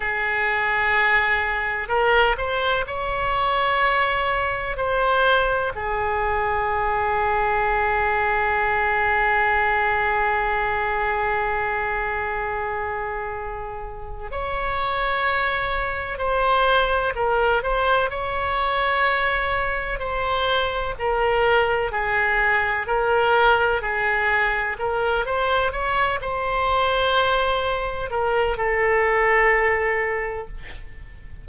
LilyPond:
\new Staff \with { instrumentName = "oboe" } { \time 4/4 \tempo 4 = 63 gis'2 ais'8 c''8 cis''4~ | cis''4 c''4 gis'2~ | gis'1~ | gis'2. cis''4~ |
cis''4 c''4 ais'8 c''8 cis''4~ | cis''4 c''4 ais'4 gis'4 | ais'4 gis'4 ais'8 c''8 cis''8 c''8~ | c''4. ais'8 a'2 | }